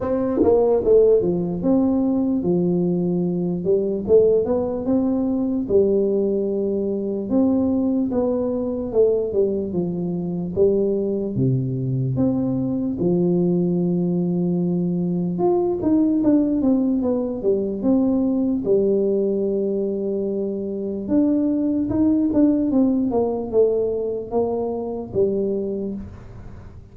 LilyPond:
\new Staff \with { instrumentName = "tuba" } { \time 4/4 \tempo 4 = 74 c'8 ais8 a8 f8 c'4 f4~ | f8 g8 a8 b8 c'4 g4~ | g4 c'4 b4 a8 g8 | f4 g4 c4 c'4 |
f2. f'8 dis'8 | d'8 c'8 b8 g8 c'4 g4~ | g2 d'4 dis'8 d'8 | c'8 ais8 a4 ais4 g4 | }